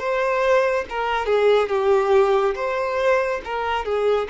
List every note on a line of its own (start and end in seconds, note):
0.00 0.86 C5
0.90 1.26 A#4
1.26 1.69 G#4
1.69 2.55 G4
2.56 3.41 C5
3.45 3.85 A#4
3.85 4.28 G#4